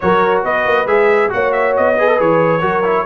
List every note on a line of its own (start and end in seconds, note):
0.00 0.44 F#3
0.00 0.86 F#4
0.00 0.44 A#4
0.00 0.43 C#5
0.44 0.66 B3
0.44 1.31 B4
0.44 0.87 D#5
0.66 0.86 A#3
0.86 1.30 G#3
0.86 1.29 G#4
0.86 1.31 E5
1.29 1.77 A#3
1.29 1.95 F#4
1.29 1.99 C#5
1.29 1.52 F#5
1.52 1.74 E5
1.76 2.20 B3
1.76 2.20 D#5
1.98 2.07 G#4
1.98 2.60 B4
2.07 2.16 A4
2.16 2.62 E3
2.16 2.60 G#4
2.16 3.06 C#5
2.60 3.06 F#3
2.60 2.83 F#4
2.60 3.04 A#4
2.83 3.05 E4